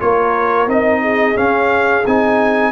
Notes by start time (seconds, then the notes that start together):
0.00 A#3 F4 A#4 C#5
0.67 C4 D#4 D#5
1.02 G#4
1.35 C#4 F5
2.07 C4 D#4 G#5